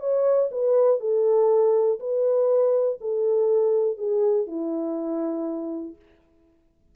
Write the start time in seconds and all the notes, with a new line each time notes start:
0.00 C#5
0.51 B4
1.00 A4
1.99 B4
3.00 A4
3.97 G#4
4.47 E4